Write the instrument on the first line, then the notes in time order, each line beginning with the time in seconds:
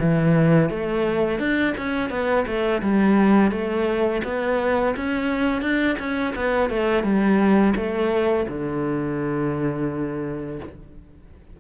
cello
0.00 E3
0.70 A3
1.39 D4
1.78 C#4
2.10 B3
2.47 A3
2.83 G3
3.52 A3
4.25 B3
4.96 C#4
5.62 D4
5.99 C#4
6.36 B3
6.70 A3
7.04 G3
7.76 A3
8.49 D3